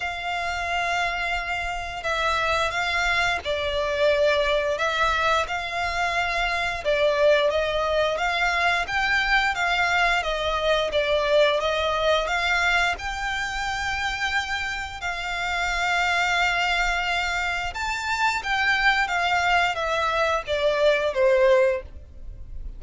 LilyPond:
\new Staff \with { instrumentName = "violin" } { \time 4/4 \tempo 4 = 88 f''2. e''4 | f''4 d''2 e''4 | f''2 d''4 dis''4 | f''4 g''4 f''4 dis''4 |
d''4 dis''4 f''4 g''4~ | g''2 f''2~ | f''2 a''4 g''4 | f''4 e''4 d''4 c''4 | }